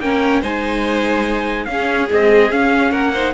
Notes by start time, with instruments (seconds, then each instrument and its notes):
0.00 cello A#3, viola C#4, violin A#4, trumpet G5
0.42 cello G#3, viola D#4, violin C5, trumpet G#5
1.66 cello C#4, viola C#4, violin G#4, trumpet F5
2.09 viola G#3, cello C4, trumpet D#5
2.52 viola C#4, cello C#4, trumpet F5
2.91 cello A#3, violin A#4, trumpet F#5
3.13 viola D#4, violin C5